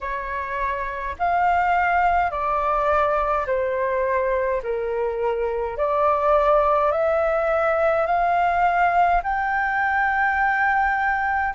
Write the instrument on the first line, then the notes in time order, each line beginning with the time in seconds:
flute
0.00 C#5
1.19 F5
2.30 D5
3.46 C5
4.62 A#4
5.77 D5
6.91 E5
8.06 F5
9.23 G5